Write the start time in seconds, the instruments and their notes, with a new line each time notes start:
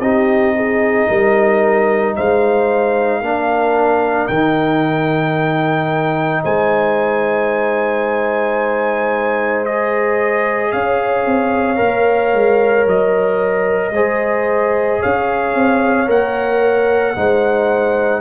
0.00 tuba C4, trombone D#4, horn G4, trumpet D#5
0.56 horn G#4
1.08 tuba G3, horn A#4
2.16 tuba G#3, horn C5, trumpet F5
3.21 tuba A#3, trombone D4, horn A#4
4.28 tuba D#3, trombone D#4, trumpet G5
6.43 tuba G#3, horn C5, trumpet G#5
9.66 trombone G#4, trumpet D#5
10.72 tuba C#4, horn C#5, trumpet F5
11.26 tuba C4
11.76 tuba A#3, trombone A#4
12.33 tuba G#3
12.86 tuba F#3, trumpet D#5
13.91 tuba G#3, trombone G#4, horn C5
15.00 tuba C#4, horn C#5, trumpet F5
15.55 tuba C4
16.06 tuba A#3, trombone A#4, trumpet F#5
17.16 tuba G#3, trombone D#4, horn C5